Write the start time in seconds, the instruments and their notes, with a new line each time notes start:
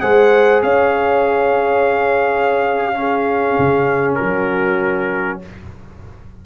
0.00 tuba G#3, trombone G#4, horn C5, trumpet F#5
0.62 tuba C#4, horn C#5, trumpet F5
2.94 trombone C#4, horn G#4
3.58 tuba C#3
4.14 horn F#4, trumpet A#4
4.21 tuba F#3